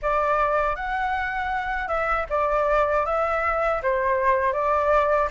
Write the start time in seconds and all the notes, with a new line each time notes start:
0.02 D5
0.75 F#5
1.88 E5
2.29 D5
3.05 E5
3.82 C5
4.53 D5